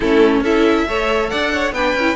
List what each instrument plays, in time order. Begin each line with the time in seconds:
0.00 cello A3, viola C#4, violin E4 A4
0.40 cello C#4, viola E4, violin A4 E5
0.87 cello A3, viola A4, violin C#5
1.29 cello D4, violin D5 F#5
1.52 violin C#5
1.72 cello B3, viola D4, violin B4 G5
1.94 cello C#4, viola E4